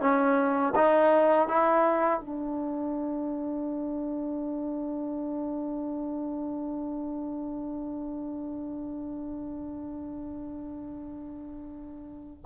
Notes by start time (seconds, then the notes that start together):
0.00 C#4
0.75 D#4
1.48 E4
2.21 D4